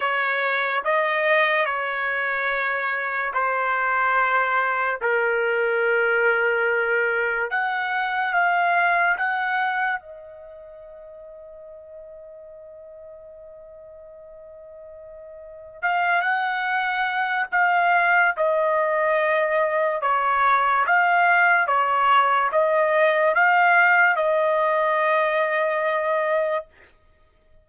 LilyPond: \new Staff \with { instrumentName = "trumpet" } { \time 4/4 \tempo 4 = 72 cis''4 dis''4 cis''2 | c''2 ais'2~ | ais'4 fis''4 f''4 fis''4 | dis''1~ |
dis''2. f''8 fis''8~ | fis''4 f''4 dis''2 | cis''4 f''4 cis''4 dis''4 | f''4 dis''2. | }